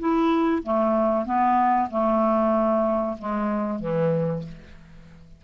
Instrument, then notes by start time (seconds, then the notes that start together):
clarinet
0.00 E4
0.64 A3
1.26 B3
1.91 A3
3.19 G#3
3.80 E3